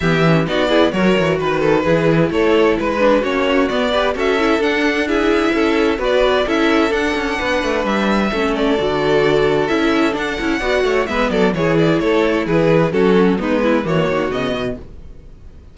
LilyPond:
<<
  \new Staff \with { instrumentName = "violin" } { \time 4/4 \tempo 4 = 130 e''4 d''4 cis''4 b'4~ | b'4 cis''4 b'4 cis''4 | d''4 e''4 fis''4 e''4~ | e''4 d''4 e''4 fis''4~ |
fis''4 e''4. d''4.~ | d''4 e''4 fis''2 | e''8 d''8 cis''8 d''8 cis''4 b'4 | a'4 b'4 cis''4 dis''4 | }
  \new Staff \with { instrumentName = "violin" } { \time 4/4 g'4 fis'8 gis'8 ais'4 b'8 a'8 | gis'4 a'4 b'4 fis'4~ | fis'8 b'8 a'2 gis'4 | a'4 b'4 a'2 |
b'2 a'2~ | a'2. d''8 cis''8 | b'8 a'8 gis'4 a'4 gis'4 | fis'4 dis'8 e'8 fis'2 | }
  \new Staff \with { instrumentName = "viola" } { \time 4/4 b8 cis'8 dis'8 e'8 fis'2 | e'2~ e'8 d'8 cis'4 | b8 g'8 fis'8 e'8 d'4 e'4~ | e'4 fis'4 e'4 d'4~ |
d'2 cis'4 fis'4~ | fis'4 e'4 d'8 e'8 fis'4 | b4 e'2. | cis'4 b4 ais4 b4 | }
  \new Staff \with { instrumentName = "cello" } { \time 4/4 e4 b4 fis8 e8 dis4 | e4 a4 gis4 ais4 | b4 cis'4 d'2 | cis'4 b4 cis'4 d'8 cis'8 |
b8 a8 g4 a4 d4~ | d4 cis'4 d'8 cis'8 b8 a8 | gis8 fis8 e4 a4 e4 | fis4 gis4 e8 dis8 cis8 b,8 | }
>>